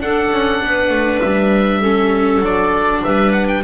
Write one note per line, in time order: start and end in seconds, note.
0.00 0.30 D4
0.00 1.83 D4
0.00 0.63 A4
0.00 1.21 F#5
0.32 0.62 C#4
0.63 0.90 B3
0.63 1.81 B4
0.90 1.20 A3
1.21 2.41 G3
1.21 2.42 E5
1.81 2.43 C#4
1.81 3.02 A4
2.41 3.02 F#3
2.41 3.64 D4
2.41 3.04 D5
3.03 3.64 G3
3.03 3.63 B4
3.03 3.32 E5
3.32 3.47 F#5
3.48 3.63 G5